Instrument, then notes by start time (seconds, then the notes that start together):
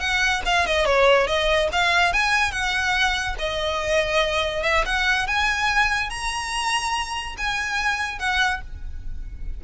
violin
0.00 F#5
0.46 F5
0.67 D#5
0.86 C#5
1.27 D#5
1.73 F5
2.13 G#5
2.52 F#5
3.39 D#5
4.63 E5
4.86 F#5
5.27 G#5
6.10 A#5
7.38 G#5
8.19 F#5